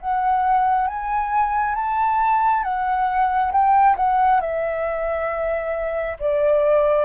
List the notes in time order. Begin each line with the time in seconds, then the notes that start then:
0.00 F#5
0.87 G#5
1.75 A5
2.63 F#5
3.51 G5
3.96 F#5
4.40 E5
6.19 D5